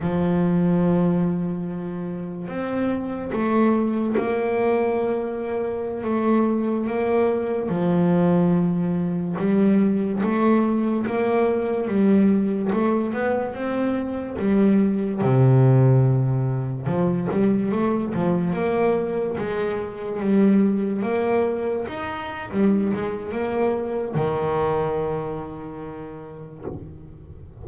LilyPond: \new Staff \with { instrumentName = "double bass" } { \time 4/4 \tempo 4 = 72 f2. c'4 | a4 ais2~ ais16 a8.~ | a16 ais4 f2 g8.~ | g16 a4 ais4 g4 a8 b16~ |
b16 c'4 g4 c4.~ c16~ | c16 f8 g8 a8 f8 ais4 gis8.~ | gis16 g4 ais4 dis'8. g8 gis8 | ais4 dis2. | }